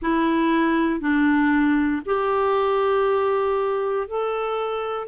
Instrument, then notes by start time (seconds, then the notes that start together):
clarinet
0.02 E4
1.00 D4
2.05 G4
4.07 A4